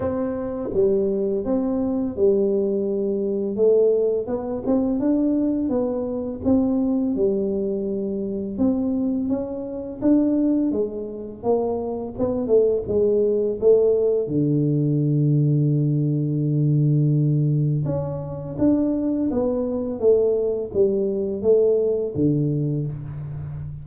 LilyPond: \new Staff \with { instrumentName = "tuba" } { \time 4/4 \tempo 4 = 84 c'4 g4 c'4 g4~ | g4 a4 b8 c'8 d'4 | b4 c'4 g2 | c'4 cis'4 d'4 gis4 |
ais4 b8 a8 gis4 a4 | d1~ | d4 cis'4 d'4 b4 | a4 g4 a4 d4 | }